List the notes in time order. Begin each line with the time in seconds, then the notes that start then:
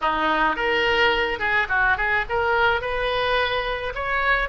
0.01 D#4
0.56 A#4
1.39 G#4
1.68 F#4
1.97 G#4
2.29 A#4
2.81 B4
3.94 C#5